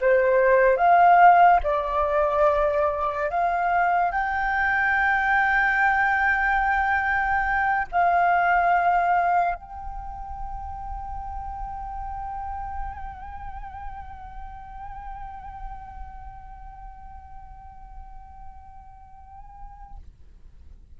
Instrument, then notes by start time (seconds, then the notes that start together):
flute
0.00 C5
0.77 F5
1.63 D5
3.30 F5
4.12 G5
7.92 F5
9.55 G5